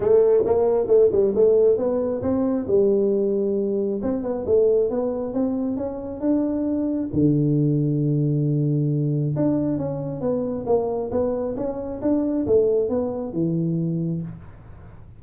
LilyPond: \new Staff \with { instrumentName = "tuba" } { \time 4/4 \tempo 4 = 135 a4 ais4 a8 g8 a4 | b4 c'4 g2~ | g4 c'8 b8 a4 b4 | c'4 cis'4 d'2 |
d1~ | d4 d'4 cis'4 b4 | ais4 b4 cis'4 d'4 | a4 b4 e2 | }